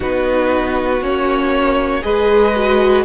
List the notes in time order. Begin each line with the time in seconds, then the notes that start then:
0.00 B3 D#4 F#4 B4
1.01 A#3 C#4 C#5
2.01 G#3 G#4 B4 D#5
2.56 F#4